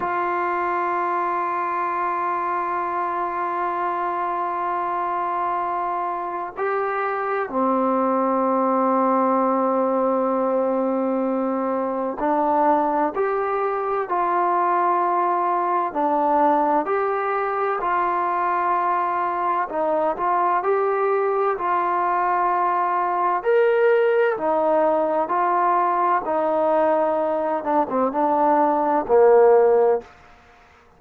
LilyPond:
\new Staff \with { instrumentName = "trombone" } { \time 4/4 \tempo 4 = 64 f'1~ | f'2. g'4 | c'1~ | c'4 d'4 g'4 f'4~ |
f'4 d'4 g'4 f'4~ | f'4 dis'8 f'8 g'4 f'4~ | f'4 ais'4 dis'4 f'4 | dis'4. d'16 c'16 d'4 ais4 | }